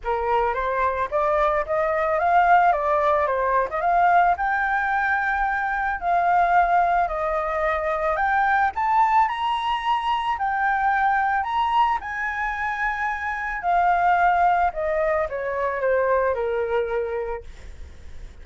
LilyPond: \new Staff \with { instrumentName = "flute" } { \time 4/4 \tempo 4 = 110 ais'4 c''4 d''4 dis''4 | f''4 d''4 c''8. dis''16 f''4 | g''2. f''4~ | f''4 dis''2 g''4 |
a''4 ais''2 g''4~ | g''4 ais''4 gis''2~ | gis''4 f''2 dis''4 | cis''4 c''4 ais'2 | }